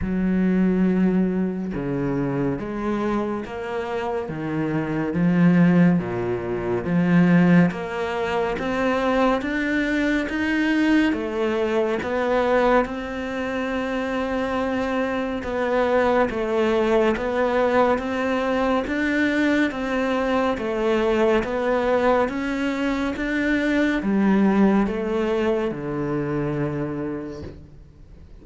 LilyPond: \new Staff \with { instrumentName = "cello" } { \time 4/4 \tempo 4 = 70 fis2 cis4 gis4 | ais4 dis4 f4 ais,4 | f4 ais4 c'4 d'4 | dis'4 a4 b4 c'4~ |
c'2 b4 a4 | b4 c'4 d'4 c'4 | a4 b4 cis'4 d'4 | g4 a4 d2 | }